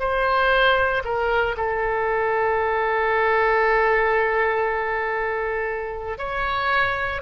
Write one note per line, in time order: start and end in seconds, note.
0.00 1.03 C5
1.05 1.57 A#4
1.58 6.18 A4
6.18 7.22 C#5